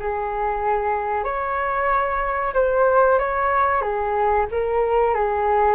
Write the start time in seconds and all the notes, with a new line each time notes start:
0.00 G#4
1.25 C#5
2.55 C5
3.19 C#5
3.82 G#4
4.52 A#4
5.15 G#4